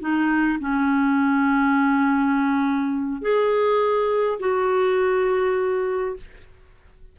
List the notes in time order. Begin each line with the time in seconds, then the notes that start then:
0.00 D#4
0.60 C#4
3.22 G#4
4.40 F#4